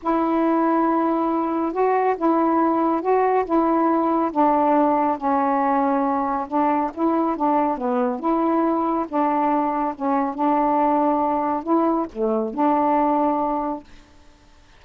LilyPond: \new Staff \with { instrumentName = "saxophone" } { \time 4/4 \tempo 4 = 139 e'1 | fis'4 e'2 fis'4 | e'2 d'2 | cis'2. d'4 |
e'4 d'4 b4 e'4~ | e'4 d'2 cis'4 | d'2. e'4 | a4 d'2. | }